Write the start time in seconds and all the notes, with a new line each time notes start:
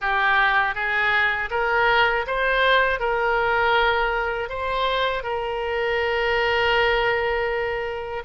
0.01 G4
0.74 G#4
1.50 A#4
2.27 C5
2.99 A#4
4.49 C5
5.23 A#4